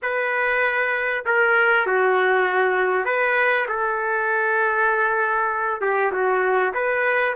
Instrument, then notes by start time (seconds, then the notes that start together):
trumpet
0.02 B4
1.25 A#4
1.86 F#4
3.05 B4
3.68 A4
5.81 G4
6.12 F#4
6.73 B4